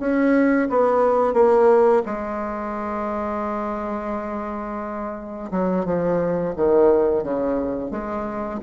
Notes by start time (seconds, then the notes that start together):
0.00 C#4
0.70 B3
1.34 A#3
2.06 G#3
5.51 F#3
5.86 F3
6.56 D#3
7.24 C#3
7.92 G#3